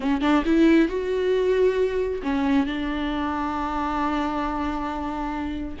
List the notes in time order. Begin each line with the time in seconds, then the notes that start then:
0.00 C#4
0.21 D4
0.45 E4
0.88 F#4
2.22 C#4
2.66 D4